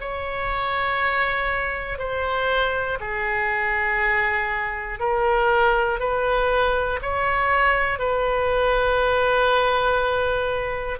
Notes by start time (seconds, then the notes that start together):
0.00 C#5
1.98 C5
3.00 G#4
5.00 A#4
6.00 B4
7.01 C#5
7.98 B4